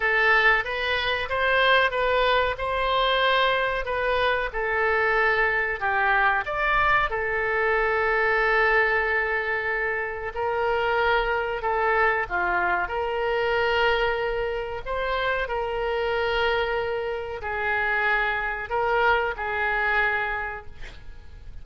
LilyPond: \new Staff \with { instrumentName = "oboe" } { \time 4/4 \tempo 4 = 93 a'4 b'4 c''4 b'4 | c''2 b'4 a'4~ | a'4 g'4 d''4 a'4~ | a'1 |
ais'2 a'4 f'4 | ais'2. c''4 | ais'2. gis'4~ | gis'4 ais'4 gis'2 | }